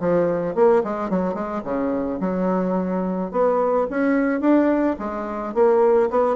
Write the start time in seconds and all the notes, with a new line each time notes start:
0.00 F3
0.55 A#3
0.83 G#3
1.10 F#3
1.34 G#3
1.64 C#3
2.20 F#3
3.31 B3
3.90 C#4
4.40 D4
4.99 G#3
5.54 A#3
6.10 B3